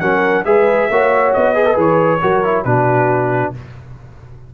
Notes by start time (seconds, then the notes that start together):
0.00 F#3 C#4 A#4 F#5
0.45 G#3 G#4 B4 E5
0.90 A#3 F#4 C#5
1.33 B3 D#5
1.55 G#4 B4
1.65 A4
1.74 E3 G#4 C#5
2.22 F#3 F#4 A#4
2.44 E4
2.64 B2 D4 F#4 B4